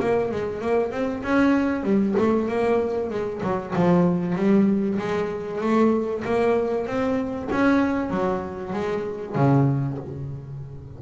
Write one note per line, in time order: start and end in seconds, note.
0.00 0.31 A#3
0.32 0.61 G#3
0.61 0.91 A#3
0.91 1.23 C4
1.23 1.83 C#4
1.83 2.14 G3
2.18 2.48 A3
2.48 3.10 A#3
3.10 3.41 G#3
3.43 3.74 F#3
3.76 4.36 F3
4.36 4.98 G3
4.99 5.61 G#3
5.61 6.24 A3
6.25 6.87 A#3
6.87 7.49 C4
7.51 8.10 C#4
8.10 8.73 F#3
8.73 9.35 G#3
9.35 9.98 C#3